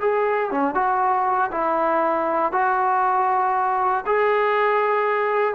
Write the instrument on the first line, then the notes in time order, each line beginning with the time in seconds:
trombone
0.00 G#4
0.51 C#4
0.74 F#4
1.51 E4
2.52 F#4
4.06 G#4